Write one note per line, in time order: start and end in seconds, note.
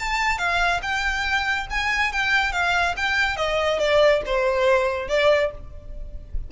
0.00 0.39 A5
0.39 0.81 F5
0.83 1.68 G5
1.71 2.13 G#5
2.13 2.53 G5
2.53 2.95 F5
2.97 3.37 G5
3.37 3.79 D#5
3.80 4.22 D5
4.26 5.09 C5
5.09 5.51 D5